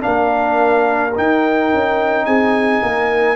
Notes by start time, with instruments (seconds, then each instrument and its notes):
0.00 tuba A#3, trombone D4, horn A#4, trumpet F5
1.15 trombone D#4, tuba D#4, trumpet G5
1.73 tuba C#4
2.25 tuba C4, horn G#4, trumpet G#5
2.82 tuba A#3, horn A#4